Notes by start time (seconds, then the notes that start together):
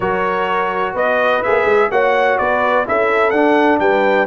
0.00 F#3 F#4 A#4 C#5
0.93 B3 B4 D#5
1.42 A#3 G#4 E5
1.64 G#3
1.91 A#3 F#4 C#5 F#5
2.38 B3 B4 D5
2.85 C#4 E4 A4 E5
3.30 D4 F#5
3.79 G3 B4 G5